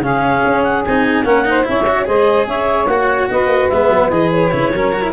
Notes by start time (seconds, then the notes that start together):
0.00 C#3 C#4 G#4 F5
0.45 C#4
0.63 F#5
0.84 C4 D#4 G#5
1.23 A#3 C#4 A#4 F#5
1.44 D#4 C5
1.63 C#4 E4 C#5 E5
1.87 F#4
2.05 G#3 G#4 C5 D#5
2.47 C#4 C#5 E5
2.86 A#3 F#4 F#5
3.30 B3 B4 D#5
3.47 A#3
3.69 G#3 B3 E5
3.89 F#3
4.10 E3 G#4 D#5
4.32 C#5
4.51 C#3 E4
4.73 F#3 C#4 A#4
4.92 F#4
5.02 E4